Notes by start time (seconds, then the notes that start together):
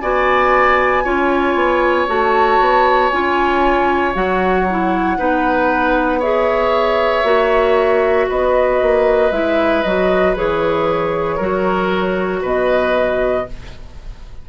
0.00 B3 F#4 D5 G#5
1.04 C#4 F4 C#5
1.55 B3
2.07 A3 F#4 A5
2.60 B3
3.10 C#4 F4 G#5
4.14 F#3 F#4 F#5
4.70 E4
5.18 B3 D#4 B4
6.19 G#4 C#5 E5
7.23 A#3 F#4
8.29 B3 B4 D#5
8.81 A#3
9.31 G#3 E4 E5
9.83 F#3 F#4 D#5
10.36 E3 G#4 C#5
11.36 F#3 F#4 A#4
12.42 B2 B4 D#5